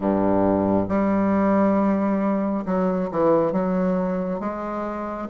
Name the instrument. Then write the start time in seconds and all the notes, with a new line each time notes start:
bassoon
0.00 G2
0.88 G3
2.65 F#3
3.11 E3
3.52 F#3
4.40 G#3